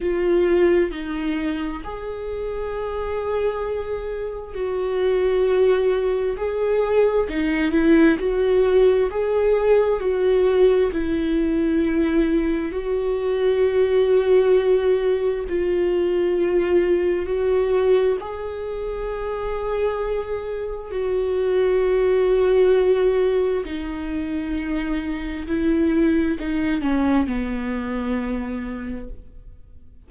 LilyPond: \new Staff \with { instrumentName = "viola" } { \time 4/4 \tempo 4 = 66 f'4 dis'4 gis'2~ | gis'4 fis'2 gis'4 | dis'8 e'8 fis'4 gis'4 fis'4 | e'2 fis'2~ |
fis'4 f'2 fis'4 | gis'2. fis'4~ | fis'2 dis'2 | e'4 dis'8 cis'8 b2 | }